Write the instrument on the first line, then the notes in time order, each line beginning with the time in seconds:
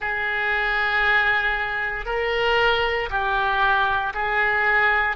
oboe
0.00 G#4
2.05 A#4
3.09 G4
4.14 G#4